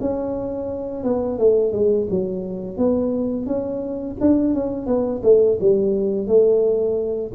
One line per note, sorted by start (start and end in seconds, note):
0.00 1.03 C#4
1.03 1.38 B3
1.38 1.72 A3
1.72 2.07 G#3
2.10 2.77 F#3
2.77 3.46 B3
3.46 4.16 C#4
4.20 4.54 D4
4.54 4.86 C#4
4.86 5.21 B3
5.23 5.58 A3
5.60 6.27 G3
6.27 7.32 A3